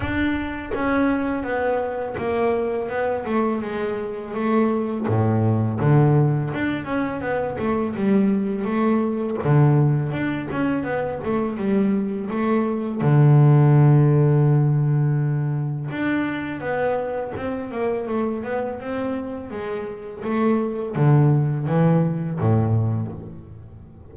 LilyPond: \new Staff \with { instrumentName = "double bass" } { \time 4/4 \tempo 4 = 83 d'4 cis'4 b4 ais4 | b8 a8 gis4 a4 a,4 | d4 d'8 cis'8 b8 a8 g4 | a4 d4 d'8 cis'8 b8 a8 |
g4 a4 d2~ | d2 d'4 b4 | c'8 ais8 a8 b8 c'4 gis4 | a4 d4 e4 a,4 | }